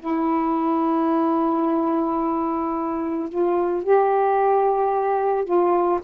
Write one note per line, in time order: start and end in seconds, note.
0.00 3.30 E4
3.30 3.84 F4
3.84 5.45 G4
5.45 6.00 F4